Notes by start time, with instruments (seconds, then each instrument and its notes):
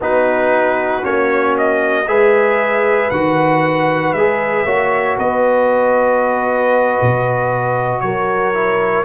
0.00 tuba B3, trombone D#4, horn F#4, trumpet B4
1.02 tuba A#3, trombone C#4, trumpet C#5
1.57 trumpet D#5
2.07 tuba G#3, trombone G#4, horn B4, trumpet E5
3.10 tuba D#3, trombone F#4, trumpet F#5
4.12 tuba G#3, trombone G#4, trumpet E5
4.65 tuba A#3, trombone F#4, horn C#5
5.17 tuba B3, horn B4, trumpet D#5
7.01 tuba B2
8.00 tuba F#3, horn A#4, trumpet C#5
8.54 trombone E4